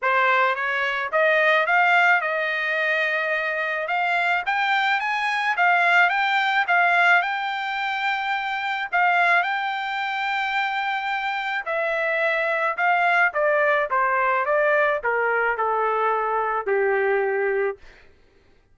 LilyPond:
\new Staff \with { instrumentName = "trumpet" } { \time 4/4 \tempo 4 = 108 c''4 cis''4 dis''4 f''4 | dis''2. f''4 | g''4 gis''4 f''4 g''4 | f''4 g''2. |
f''4 g''2.~ | g''4 e''2 f''4 | d''4 c''4 d''4 ais'4 | a'2 g'2 | }